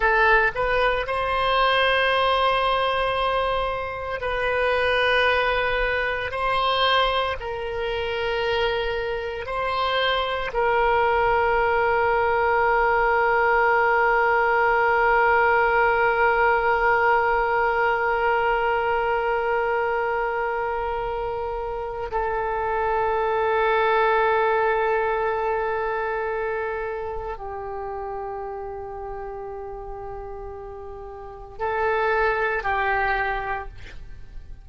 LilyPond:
\new Staff \with { instrumentName = "oboe" } { \time 4/4 \tempo 4 = 57 a'8 b'8 c''2. | b'2 c''4 ais'4~ | ais'4 c''4 ais'2~ | ais'1~ |
ais'1~ | ais'4 a'2.~ | a'2 g'2~ | g'2 a'4 g'4 | }